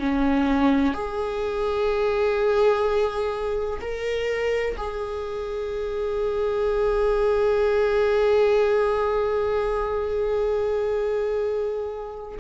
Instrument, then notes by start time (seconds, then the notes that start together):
viola
0.00 C#4
0.94 G#4
3.81 A#4
4.77 G#4